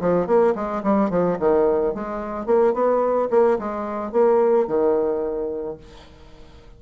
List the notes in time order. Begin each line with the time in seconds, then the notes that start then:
0.00 F3
0.26 A#3
0.55 G#3
0.83 G3
1.10 F3
1.39 D#3
1.94 G#3
2.46 A#3
2.73 B3
3.30 A#3
3.59 G#3
4.12 A#3
4.67 D#3